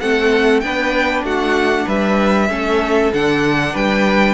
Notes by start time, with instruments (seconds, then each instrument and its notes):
0.00 cello A3, viola C4, violin A4 F#5
0.60 cello B3, viola D4, violin B4 G5
1.23 cello A3, violin F#4 F#5
1.85 cello G3, violin B4 E5
2.49 cello A3, viola C#4, violin A4
3.13 cello D3, viola D4, violin F#5
3.73 cello G3, violin B4 G5